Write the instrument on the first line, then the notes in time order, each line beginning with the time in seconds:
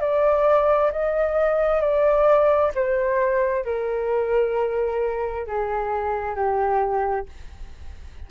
flute
0.00 D5
0.91 D#5
1.81 D5
2.74 C5
3.64 A#4
5.46 G#4
6.35 G4